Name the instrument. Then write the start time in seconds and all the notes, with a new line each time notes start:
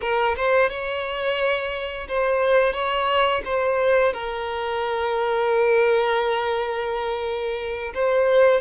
violin
0.01 A#4
0.36 C5
0.69 C#5
2.08 C5
2.73 C#5
3.45 C5
4.13 A#4
7.94 C5